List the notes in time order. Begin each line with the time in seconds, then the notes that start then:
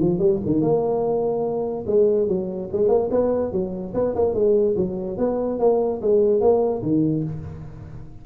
0.00 F3
0.19 G3
0.46 D#3
0.62 A#3
1.87 G#3
2.28 F#3
2.73 G#3
2.89 A#3
3.11 B3
3.52 F#3
3.95 B3
4.15 A#3
4.34 G#3
4.77 F#3
5.18 B3
5.60 A#3
6.02 G#3
6.41 A#3
6.83 D#3